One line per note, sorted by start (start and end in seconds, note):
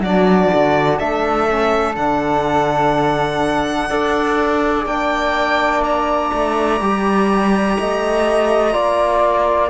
0.00 0.48 F#3
0.00 1.48 D4
0.00 0.98 F#4
0.00 0.98 D5
0.54 1.00 D3
0.98 1.97 A3
0.98 3.88 A4
0.98 1.95 E5
1.48 1.97 C#4
1.96 3.90 D3
1.96 3.90 D4
1.96 4.86 F#5
3.89 4.86 D4
3.89 4.86 A4
3.89 7.76 D5
4.86 6.31 A#3
4.86 6.80 D4
4.86 5.82 G5
5.84 9.69 A#5
6.33 6.81 A3
6.81 7.77 G3
6.81 8.72 G4
7.78 8.75 A3
7.78 8.74 D#5
8.72 9.69 A#3
8.72 9.69 F4
8.72 9.69 D5